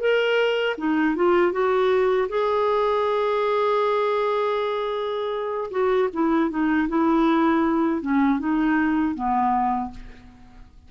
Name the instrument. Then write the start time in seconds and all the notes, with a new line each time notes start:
clarinet
0.00 A#4
0.78 D#4
1.16 F4
1.52 F#4
2.29 G#4
5.71 F#4
6.13 E4
6.50 D#4
6.88 E4
8.02 C#4
8.39 D#4
9.15 B3